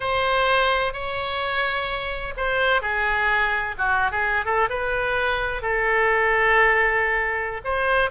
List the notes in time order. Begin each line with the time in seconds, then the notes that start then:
0.00 C5
0.93 C#5
2.37 C5
2.81 G#4
3.78 F#4
4.11 G#4
4.45 A4
4.69 B4
5.61 A4
7.64 C5